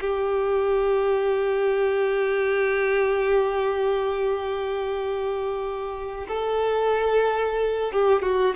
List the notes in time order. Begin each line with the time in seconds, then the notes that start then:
0.00 G4
6.28 A4
7.92 G4
8.22 F#4